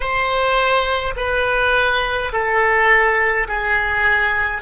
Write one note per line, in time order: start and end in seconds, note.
0.00 1.13 C5
1.16 2.31 B4
2.32 3.47 A4
3.48 4.61 G#4